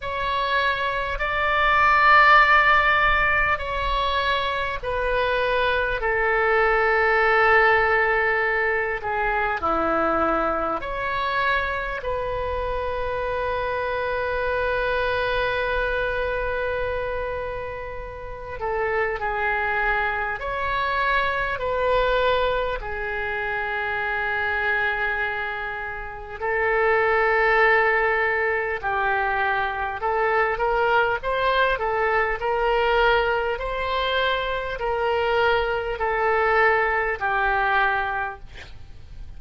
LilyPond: \new Staff \with { instrumentName = "oboe" } { \time 4/4 \tempo 4 = 50 cis''4 d''2 cis''4 | b'4 a'2~ a'8 gis'8 | e'4 cis''4 b'2~ | b'2.~ b'8 a'8 |
gis'4 cis''4 b'4 gis'4~ | gis'2 a'2 | g'4 a'8 ais'8 c''8 a'8 ais'4 | c''4 ais'4 a'4 g'4 | }